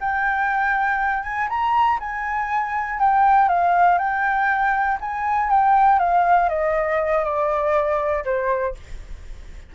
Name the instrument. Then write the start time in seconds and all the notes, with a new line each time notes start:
flute
0.00 G5
1.23 G#5
1.49 A#5
2.00 G#5
3.00 G5
3.48 F5
3.98 G5
5.01 G#5
5.50 G5
5.99 F5
6.49 D#5
7.24 D5
8.25 C5